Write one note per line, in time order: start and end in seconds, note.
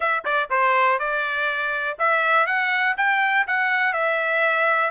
0.00 0.23 E5
0.25 0.49 D5
0.50 0.99 C5
0.99 1.97 D5
1.99 2.46 E5
2.46 2.95 F#5
2.97 3.46 G5
3.47 3.93 F#5
3.93 4.90 E5